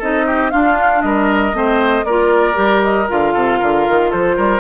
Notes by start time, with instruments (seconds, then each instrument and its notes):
0.00 bassoon C4, clarinet D#4, oboe A4, flute D#5
0.27 oboe G4
0.51 clarinet D4, bassoon D4, oboe F4, flute F5
1.02 bassoon G3, oboe A#4, flute D#5
1.53 bassoon A3, clarinet C4, oboe C5
2.05 bassoon A#3, clarinet F4, oboe A#4, flute D5
2.55 bassoon G3, clarinet G4
2.83 flute D#5
3.09 bassoon D3, clarinet F4, flute F5
3.34 bassoon C3, oboe A4
3.59 bassoon D3, oboe A#4
3.89 bassoon D#3
4.11 bassoon F3, oboe A4, flute C5
4.37 bassoon G3, oboe A#4